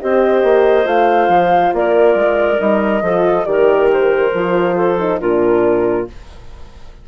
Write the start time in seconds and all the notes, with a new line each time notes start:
0.00 C4 G4 C5 D#5
0.43 A#3
0.84 A3 F4 F5
1.28 F3
1.72 A#3 A#4 D5
2.14 G#3
2.59 G3 D#4 D#5
3.01 F3 F4 A4
3.45 D#3 G4 A#4 D5
3.93 C5
4.34 F3 F4
4.75 A4
4.99 D#4
5.20 A#2 D4 F4 A#4